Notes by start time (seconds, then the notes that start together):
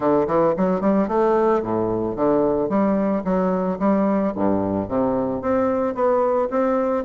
0.00 D3
0.27 E3
0.56 F#3
0.80 G3
1.08 A3
1.62 A2
2.15 D3
2.69 G3
3.24 F#3
3.79 G3
4.35 G2
4.88 C3
5.41 C4
5.94 B3
6.50 C4